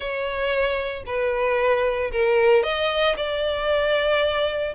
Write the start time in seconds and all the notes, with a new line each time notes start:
0.00 C#5
1.06 B4
2.11 A#4
2.63 D#5
3.16 D5